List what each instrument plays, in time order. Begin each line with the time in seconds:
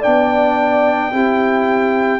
0.00 tuba B3, trombone D4, horn D5, trumpet G5
1.12 tuba C4, trombone E4, horn G4